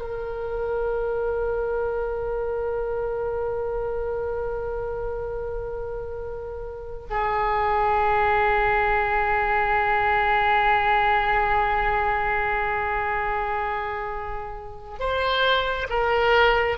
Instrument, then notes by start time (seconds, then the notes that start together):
oboe
0.00 A#4
7.09 G#4
14.99 C5
15.89 A#4